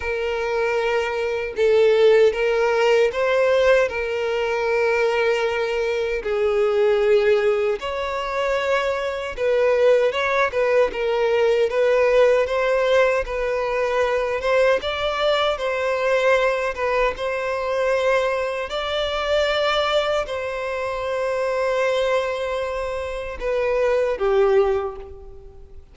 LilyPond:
\new Staff \with { instrumentName = "violin" } { \time 4/4 \tempo 4 = 77 ais'2 a'4 ais'4 | c''4 ais'2. | gis'2 cis''2 | b'4 cis''8 b'8 ais'4 b'4 |
c''4 b'4. c''8 d''4 | c''4. b'8 c''2 | d''2 c''2~ | c''2 b'4 g'4 | }